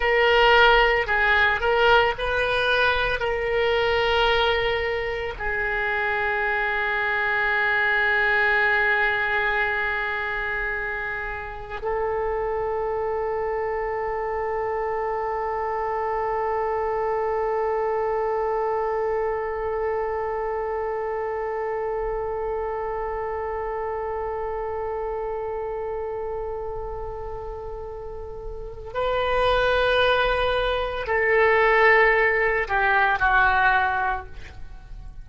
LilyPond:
\new Staff \with { instrumentName = "oboe" } { \time 4/4 \tempo 4 = 56 ais'4 gis'8 ais'8 b'4 ais'4~ | ais'4 gis'2.~ | gis'2. a'4~ | a'1~ |
a'1~ | a'1~ | a'2. b'4~ | b'4 a'4. g'8 fis'4 | }